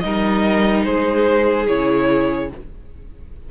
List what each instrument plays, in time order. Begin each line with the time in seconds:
0.00 cello G3, viola D#4, violin A#4 D#5
0.84 cello G#3, violin G#4 C5
1.68 cello C#3, viola E4, violin C#5